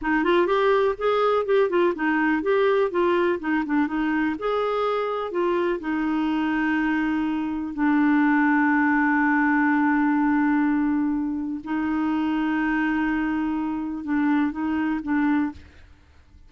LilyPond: \new Staff \with { instrumentName = "clarinet" } { \time 4/4 \tempo 4 = 124 dis'8 f'8 g'4 gis'4 g'8 f'8 | dis'4 g'4 f'4 dis'8 d'8 | dis'4 gis'2 f'4 | dis'1 |
d'1~ | d'1 | dis'1~ | dis'4 d'4 dis'4 d'4 | }